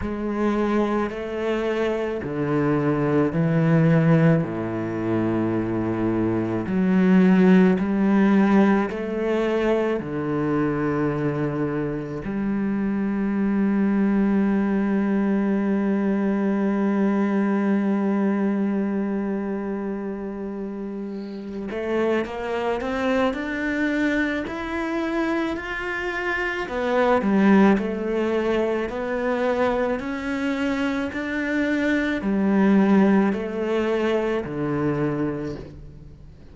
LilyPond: \new Staff \with { instrumentName = "cello" } { \time 4/4 \tempo 4 = 54 gis4 a4 d4 e4 | a,2 fis4 g4 | a4 d2 g4~ | g1~ |
g2.~ g8 a8 | ais8 c'8 d'4 e'4 f'4 | b8 g8 a4 b4 cis'4 | d'4 g4 a4 d4 | }